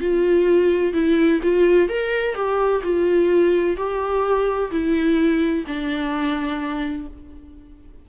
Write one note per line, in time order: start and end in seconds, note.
0.00 0.93 F4
0.93 1.40 E4
1.43 1.88 F4
1.88 2.34 A#4
2.34 2.81 G4
2.83 3.76 F4
3.76 4.70 G4
4.71 5.65 E4
5.66 7.07 D4